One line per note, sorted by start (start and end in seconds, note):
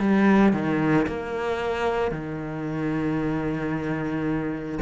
0.00 0.53 G3
0.53 1.07 D#3
1.08 2.11 A#3
2.11 4.79 D#3